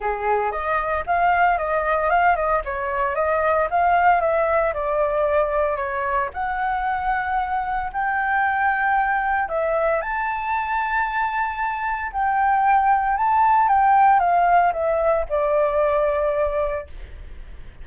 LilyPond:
\new Staff \with { instrumentName = "flute" } { \time 4/4 \tempo 4 = 114 gis'4 dis''4 f''4 dis''4 | f''8 dis''8 cis''4 dis''4 f''4 | e''4 d''2 cis''4 | fis''2. g''4~ |
g''2 e''4 a''4~ | a''2. g''4~ | g''4 a''4 g''4 f''4 | e''4 d''2. | }